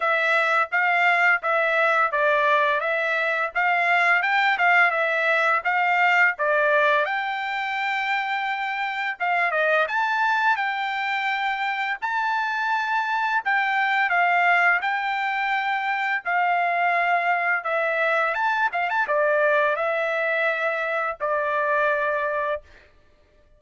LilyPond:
\new Staff \with { instrumentName = "trumpet" } { \time 4/4 \tempo 4 = 85 e''4 f''4 e''4 d''4 | e''4 f''4 g''8 f''8 e''4 | f''4 d''4 g''2~ | g''4 f''8 dis''8 a''4 g''4~ |
g''4 a''2 g''4 | f''4 g''2 f''4~ | f''4 e''4 a''8 f''16 a''16 d''4 | e''2 d''2 | }